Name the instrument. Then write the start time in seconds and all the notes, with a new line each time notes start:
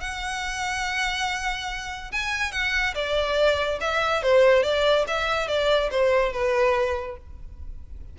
violin
0.00 F#5
2.11 G#5
2.52 F#5
2.94 D5
3.80 E5
4.23 C5
4.63 D5
5.07 E5
5.47 D5
5.91 C5
6.32 B4